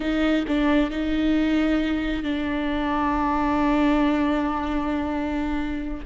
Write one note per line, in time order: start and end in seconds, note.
0.00 0.45 D#4
0.47 0.90 D4
0.90 2.23 D#4
2.23 6.03 D4